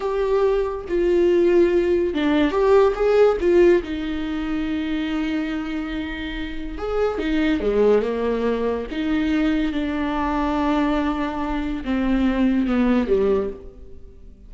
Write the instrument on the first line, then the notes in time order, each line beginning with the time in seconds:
viola
0.00 G4
0.88 F4
2.14 D4
2.51 G4
2.95 G#4
3.40 F4
3.82 D#4
6.78 G#4
7.18 D#4
7.60 G#3
8.02 A#3
8.91 D#4
9.72 D4
11.84 C4
12.66 B3
13.07 G3